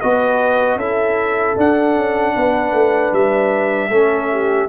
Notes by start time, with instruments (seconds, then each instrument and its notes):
0.00 tuba B3, trombone F#4, horn B4, trumpet D#5
0.75 tuba C#4, trombone E4, horn A4, trumpet E5
1.56 trombone D4, tuba D4, trumpet F#5
1.96 tuba C#4
2.36 tuba B3, horn B4
2.72 tuba A3
3.12 tuba G3, trumpet E5
3.89 tuba A3, trombone C#4, horn A4
4.31 horn G4